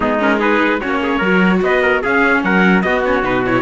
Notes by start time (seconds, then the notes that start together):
0.00 G#3 B3 D#4 G#4
0.19 C#4 A#4
0.38 D#4 G#4 B4
0.80 A#3 C#4 F#4 C#5
1.02 G#4
1.18 F#3 F#4 A#4
1.61 B3 B4 D#5
1.82 A#4
2.02 C#4 G#4 F5
2.43 F#3 A#4 F#5
2.82 B3 F#4 D#5
3.05 C#4 C#5
3.23 B2 D#4 B4
3.45 E4 C#5